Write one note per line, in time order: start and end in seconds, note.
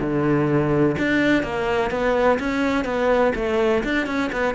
0.00 0.96 D3
0.98 1.43 D4
1.43 1.91 A#3
1.91 2.39 B3
2.39 2.85 C#4
2.85 3.33 B3
3.35 3.83 A3
3.84 4.07 D4
4.07 4.31 C#4
4.32 4.54 B3